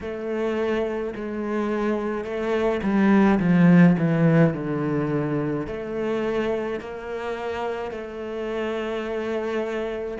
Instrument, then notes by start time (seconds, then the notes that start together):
cello
0.01 A3
1.15 G#3
2.24 A3
2.83 G3
3.40 F3
3.98 E3
4.53 D3
5.67 A3
6.79 A#3
7.91 A3